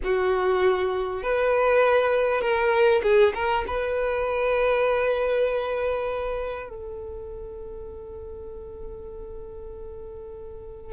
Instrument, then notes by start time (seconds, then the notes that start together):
violin
0.03 F#4
1.22 B4
2.41 A#4
3.02 G#4
3.34 A#4
3.67 B4
6.69 A4